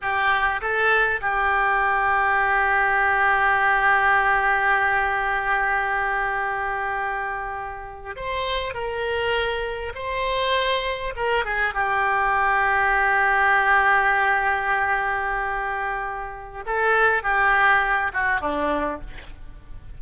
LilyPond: \new Staff \with { instrumentName = "oboe" } { \time 4/4 \tempo 4 = 101 g'4 a'4 g'2~ | g'1~ | g'1~ | g'4.~ g'16 c''4 ais'4~ ais'16~ |
ais'8. c''2 ais'8 gis'8 g'16~ | g'1~ | g'1 | a'4 g'4. fis'8 d'4 | }